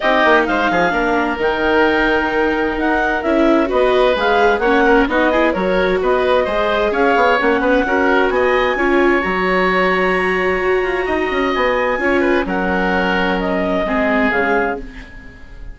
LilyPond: <<
  \new Staff \with { instrumentName = "clarinet" } { \time 4/4 \tempo 4 = 130 dis''4 f''2 g''4~ | g''2 fis''4 e''4 | dis''4 f''4 fis''4 dis''4 | cis''4 dis''2 f''4 |
fis''2 gis''2 | ais''1~ | ais''4 gis''2 fis''4~ | fis''4 dis''2 f''4 | }
  \new Staff \with { instrumentName = "oboe" } { \time 4/4 g'4 c''8 gis'8 ais'2~ | ais'1 | b'2 cis''8 ais'8 fis'8 gis'8 | ais'4 b'4 c''4 cis''4~ |
cis''8 b'8 ais'4 dis''4 cis''4~ | cis''1 | dis''2 cis''8 b'8 ais'4~ | ais'2 gis'2 | }
  \new Staff \with { instrumentName = "viola" } { \time 4/4 dis'2 d'4 dis'4~ | dis'2. e'4 | fis'4 gis'4 cis'4 dis'8 e'8 | fis'2 gis'2 |
cis'4 fis'2 f'4 | fis'1~ | fis'2 f'4 cis'4~ | cis'2 c'4 gis4 | }
  \new Staff \with { instrumentName = "bassoon" } { \time 4/4 c'8 ais8 gis8 f8 ais4 dis4~ | dis2 dis'4 cis'4 | b4 gis4 ais4 b4 | fis4 b4 gis4 cis'8 b8 |
ais8 b8 cis'4 b4 cis'4 | fis2. fis'8 f'8 | dis'8 cis'8 b4 cis'4 fis4~ | fis2 gis4 cis4 | }
>>